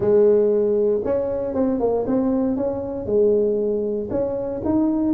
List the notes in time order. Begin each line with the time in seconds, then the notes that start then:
0.00 G#3
1.04 C#4
1.54 C4
1.79 A#3
2.06 C4
2.56 C#4
3.06 G#3
4.10 C#4
4.64 D#4